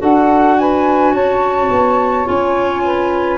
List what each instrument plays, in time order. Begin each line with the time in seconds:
0.00 tuba D4, clarinet F#4, saxophone A4, flute F#5
0.59 saxophone B4, flute G#5
1.12 tuba C#4, saxophone C#5, flute A5
1.70 tuba B3
2.26 tuba C#4, clarinet F4, flute G#5
2.84 saxophone B4